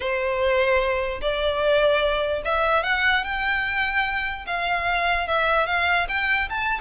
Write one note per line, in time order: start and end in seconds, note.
0.00 1.21 C5
1.21 2.42 D5
2.45 2.83 E5
2.83 3.23 F#5
3.23 4.45 G5
4.46 5.27 F5
5.27 5.66 E5
5.66 6.07 F5
6.08 6.48 G5
6.49 6.80 A5